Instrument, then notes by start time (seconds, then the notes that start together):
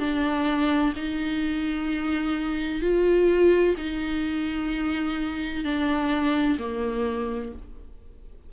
viola
0.00 D4
0.96 D#4
2.82 F4
3.78 D#4
5.65 D4
6.59 A#3